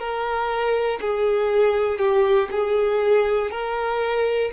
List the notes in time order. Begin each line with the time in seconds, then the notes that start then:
0.00 A#4
1.01 G#4
1.99 G4
2.52 G#4
3.51 A#4